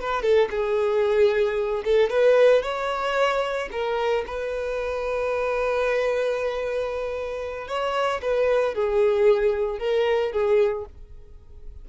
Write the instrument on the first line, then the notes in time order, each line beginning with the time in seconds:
violin
0.00 B4
0.22 A4
0.50 G#4
1.85 A4
2.09 B4
2.63 C#5
3.71 A#4
4.26 B4
7.67 C#5
8.22 B4
8.74 G#4
9.79 A#4
10.32 G#4